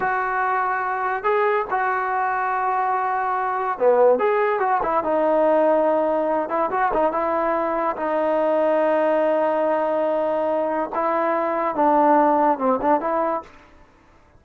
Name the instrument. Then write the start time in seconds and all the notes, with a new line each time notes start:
trombone
0.00 F#4
1.23 G#4
1.70 F#4
3.79 B3
4.18 G#4
4.59 F#4
4.83 E4
5.03 D#4
6.49 E4
6.70 F#4
6.93 D#4
7.12 E4
7.96 D#4
10.94 E4
11.75 D4
12.58 C4
12.81 D4
13.00 E4